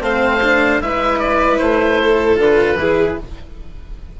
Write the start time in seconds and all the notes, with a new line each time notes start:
0.00 A3 C4 C5 F5
0.42 D4
0.81 G#3 E4 B4 E5
1.19 D5
1.57 A3 C5
2.00 A4
2.36 D3 F4 B4
2.75 E3 E4 G#4